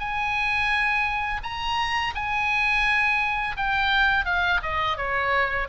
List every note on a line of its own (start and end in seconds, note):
0.00 1.41 G#5
1.44 2.14 A#5
2.15 3.56 G#5
3.57 4.26 G5
4.26 4.61 F5
4.63 4.98 D#5
4.98 5.68 C#5